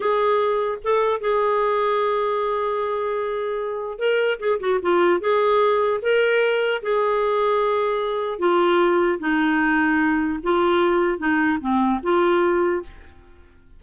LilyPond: \new Staff \with { instrumentName = "clarinet" } { \time 4/4 \tempo 4 = 150 gis'2 a'4 gis'4~ | gis'1~ | gis'2 ais'4 gis'8 fis'8 | f'4 gis'2 ais'4~ |
ais'4 gis'2.~ | gis'4 f'2 dis'4~ | dis'2 f'2 | dis'4 c'4 f'2 | }